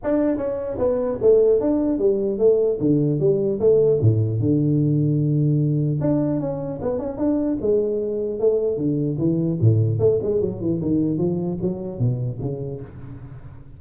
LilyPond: \new Staff \with { instrumentName = "tuba" } { \time 4/4 \tempo 4 = 150 d'4 cis'4 b4 a4 | d'4 g4 a4 d4 | g4 a4 a,4 d4~ | d2. d'4 |
cis'4 b8 cis'8 d'4 gis4~ | gis4 a4 d4 e4 | a,4 a8 gis8 fis8 e8 dis4 | f4 fis4 b,4 cis4 | }